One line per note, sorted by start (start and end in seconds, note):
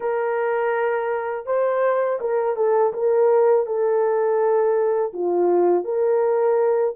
0.00 1.46 A#4
1.46 2.19 C5
2.20 2.56 A#4
2.56 2.92 A4
2.93 3.66 A#4
3.66 5.12 A4
5.13 5.84 F4
5.84 6.94 A#4